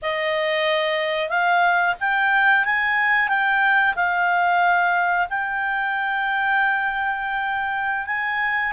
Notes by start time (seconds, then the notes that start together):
0.02 D#5
1.29 F5
2.00 G5
2.64 G#5
3.28 G5
3.95 F5
5.29 G5
8.06 G#5